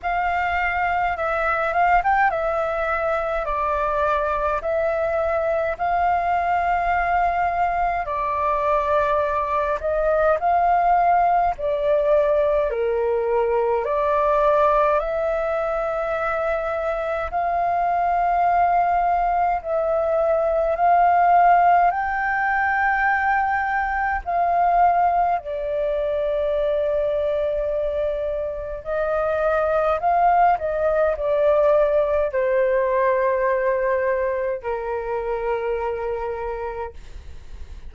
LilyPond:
\new Staff \with { instrumentName = "flute" } { \time 4/4 \tempo 4 = 52 f''4 e''8 f''16 g''16 e''4 d''4 | e''4 f''2 d''4~ | d''8 dis''8 f''4 d''4 ais'4 | d''4 e''2 f''4~ |
f''4 e''4 f''4 g''4~ | g''4 f''4 d''2~ | d''4 dis''4 f''8 dis''8 d''4 | c''2 ais'2 | }